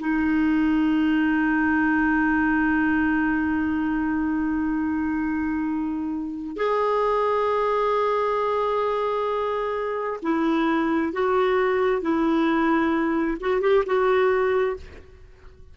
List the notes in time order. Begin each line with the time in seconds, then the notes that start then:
0.00 D#4
6.57 G#4
10.23 E4
11.13 F#4
12.02 E4
13.41 F#4
13.62 G4
13.86 F#4